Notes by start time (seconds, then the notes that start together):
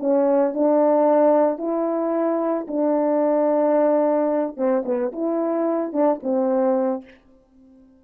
0.00 C#4
0.54 D4
1.58 E4
2.68 D4
4.57 C4
4.85 B3
5.13 E4
5.93 D4
6.23 C4